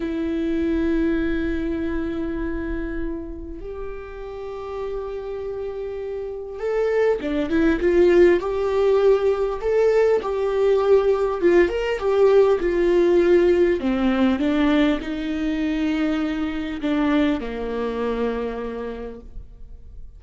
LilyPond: \new Staff \with { instrumentName = "viola" } { \time 4/4 \tempo 4 = 100 e'1~ | e'2 g'2~ | g'2. a'4 | d'8 e'8 f'4 g'2 |
a'4 g'2 f'8 ais'8 | g'4 f'2 c'4 | d'4 dis'2. | d'4 ais2. | }